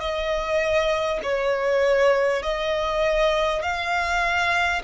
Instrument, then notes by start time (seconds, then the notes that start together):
violin
0.00 D#5
1.23 C#5
2.43 D#5
3.63 F5